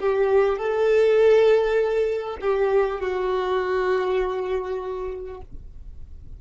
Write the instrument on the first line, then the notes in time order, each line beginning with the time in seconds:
violin
0.00 G4
0.57 A4
2.41 G4
3.01 F#4